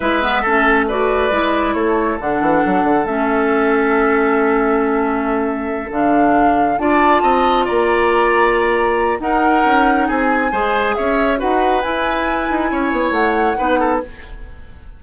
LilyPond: <<
  \new Staff \with { instrumentName = "flute" } { \time 4/4 \tempo 4 = 137 e''2 d''2 | cis''4 fis''2 e''4~ | e''1~ | e''4. f''2 a''8~ |
a''4. ais''2~ ais''8~ | ais''4 fis''2 gis''4~ | gis''4 e''4 fis''4 gis''4~ | gis''2 fis''2 | }
  \new Staff \with { instrumentName = "oboe" } { \time 4/4 b'4 a'4 b'2 | a'1~ | a'1~ | a'2.~ a'8 d''8~ |
d''8 dis''4 d''2~ d''8~ | d''4 ais'2 gis'4 | c''4 cis''4 b'2~ | b'4 cis''2 b'8 a'8 | }
  \new Staff \with { instrumentName = "clarinet" } { \time 4/4 e'8 b8 cis'4 fis'4 e'4~ | e'4 d'2 cis'4~ | cis'1~ | cis'4. d'2 f'8~ |
f'1~ | f'4 dis'2. | gis'2 fis'4 e'4~ | e'2. dis'4 | }
  \new Staff \with { instrumentName = "bassoon" } { \time 4/4 gis4 a2 gis4 | a4 d8 e8 fis8 d8 a4~ | a1~ | a4. d2 d'8~ |
d'8 c'4 ais2~ ais8~ | ais4 dis'4 cis'4 c'4 | gis4 cis'4 dis'4 e'4~ | e'8 dis'8 cis'8 b8 a4 b4 | }
>>